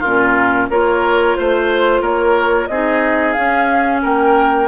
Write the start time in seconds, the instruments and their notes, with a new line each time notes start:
0.00 bassoon A#2, clarinet C#4, oboe F4, flute A#4
0.69 bassoon A#3, clarinet F4, oboe A#4, flute C#5
1.36 bassoon A3, flute C5, oboe C5
2.01 bassoon A#3, oboe A#4, flute C#5
2.67 bassoon C4, clarinet D#4, oboe G#4, flute D#5
3.33 clarinet C#4, bassoon C#4, flute F5
4.02 bassoon A#3, oboe A#4, flute G5